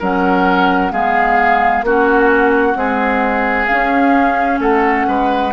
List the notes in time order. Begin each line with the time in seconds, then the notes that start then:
0.00 F#3 C#4 A#4 F#5
0.92 G#3 B3 G#4 F5
1.83 A#3 C#4 F#4 F#5
2.75 G#3 C4 G#4
3.66 C#4 F5
3.73 C#4
4.60 A3 A4 F#5
5.08 G#3 B4